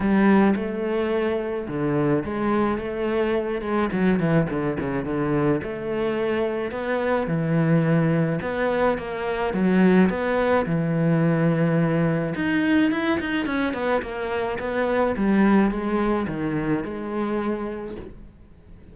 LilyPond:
\new Staff \with { instrumentName = "cello" } { \time 4/4 \tempo 4 = 107 g4 a2 d4 | gis4 a4. gis8 fis8 e8 | d8 cis8 d4 a2 | b4 e2 b4 |
ais4 fis4 b4 e4~ | e2 dis'4 e'8 dis'8 | cis'8 b8 ais4 b4 g4 | gis4 dis4 gis2 | }